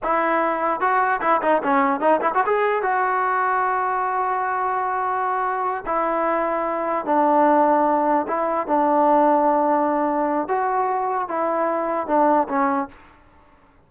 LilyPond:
\new Staff \with { instrumentName = "trombone" } { \time 4/4 \tempo 4 = 149 e'2 fis'4 e'8 dis'8 | cis'4 dis'8 e'16 fis'16 gis'4 fis'4~ | fis'1~ | fis'2~ fis'8 e'4.~ |
e'4. d'2~ d'8~ | d'8 e'4 d'2~ d'8~ | d'2 fis'2 | e'2 d'4 cis'4 | }